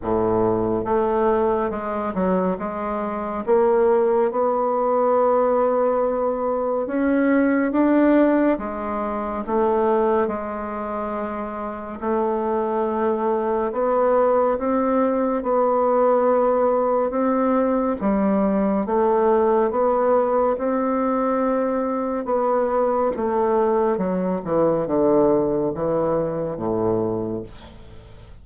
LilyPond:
\new Staff \with { instrumentName = "bassoon" } { \time 4/4 \tempo 4 = 70 a,4 a4 gis8 fis8 gis4 | ais4 b2. | cis'4 d'4 gis4 a4 | gis2 a2 |
b4 c'4 b2 | c'4 g4 a4 b4 | c'2 b4 a4 | fis8 e8 d4 e4 a,4 | }